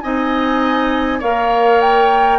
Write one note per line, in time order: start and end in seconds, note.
0.00 1.21 C4
0.00 1.20 D#4
0.00 1.19 D#5
0.00 1.20 G#5
1.19 2.38 A#3
1.19 2.38 A#4
1.19 2.38 C#5
1.19 1.80 F5
1.80 2.38 G5